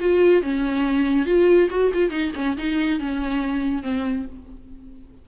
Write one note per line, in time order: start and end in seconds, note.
0.00 0.42 F4
0.42 1.26 C#4
1.26 1.69 F4
1.70 1.92 F#4
1.94 2.10 F4
2.10 2.32 D#4
2.36 2.57 C#4
2.57 2.99 D#4
2.99 3.83 C#4
3.83 4.26 C4